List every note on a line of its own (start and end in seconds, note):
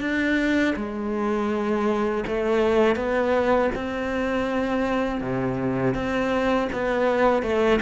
0.00 0.74 D4
0.76 2.24 G#3
2.27 2.96 A3
2.96 3.70 B3
3.75 5.21 C4
5.21 5.94 C3
5.94 6.68 C4
6.72 7.42 B3
7.42 7.79 A3